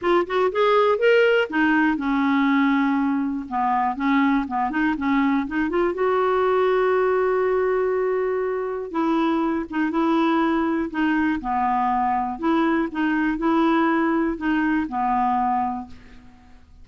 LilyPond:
\new Staff \with { instrumentName = "clarinet" } { \time 4/4 \tempo 4 = 121 f'8 fis'8 gis'4 ais'4 dis'4 | cis'2. b4 | cis'4 b8 dis'8 cis'4 dis'8 f'8 | fis'1~ |
fis'2 e'4. dis'8 | e'2 dis'4 b4~ | b4 e'4 dis'4 e'4~ | e'4 dis'4 b2 | }